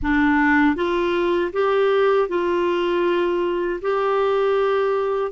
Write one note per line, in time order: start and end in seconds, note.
0.02 0.75 D4
0.75 1.51 F4
1.52 2.28 G4
2.28 3.80 F4
3.81 5.31 G4